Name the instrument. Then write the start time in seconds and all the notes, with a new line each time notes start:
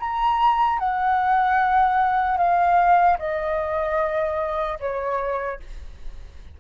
flute
0.00 A#5
0.79 F#5
2.38 F5
3.19 D#5
4.80 C#5